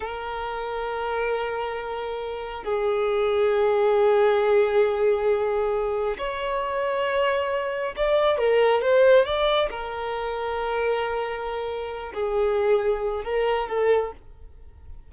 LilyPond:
\new Staff \with { instrumentName = "violin" } { \time 4/4 \tempo 4 = 136 ais'1~ | ais'2 gis'2~ | gis'1~ | gis'2 cis''2~ |
cis''2 d''4 ais'4 | c''4 d''4 ais'2~ | ais'2.~ ais'8 gis'8~ | gis'2 ais'4 a'4 | }